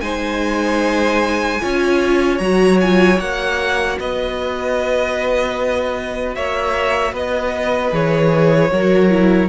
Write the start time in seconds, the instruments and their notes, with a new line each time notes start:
0.00 cello G#3, viola D#4, violin C5 G#5
1.60 cello C#4, viola F4, violin C#5
2.38 cello F#3, viola F#4, violin A#5
2.80 viola F4, violin G#5
3.19 cello A#3, viola F#4, violin F#5
3.99 cello B3, violin B4 D#5
6.34 cello A#3, violin C#5 E5
7.12 cello B3, violin B4 D#5
7.90 cello E3, viola G#4, violin C#5
8.71 cello F#3, viola F#4, violin A#4
9.10 viola E4